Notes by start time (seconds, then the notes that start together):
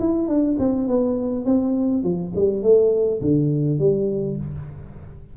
0.00 E4
0.29 D4
0.59 C4
0.88 B3
1.46 C4
2.04 F3
2.36 G3
2.63 A3
3.21 D3
3.79 G3